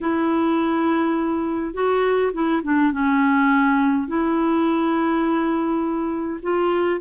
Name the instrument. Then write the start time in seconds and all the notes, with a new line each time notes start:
clarinet
0.00 E4
1.74 F#4
2.33 E4
2.63 D4
2.92 C#4
4.07 E4
6.42 F4